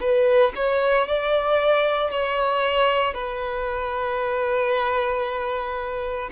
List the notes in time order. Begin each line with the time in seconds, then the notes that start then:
0.00 B4
0.56 C#5
1.07 D5
2.11 C#5
3.14 B4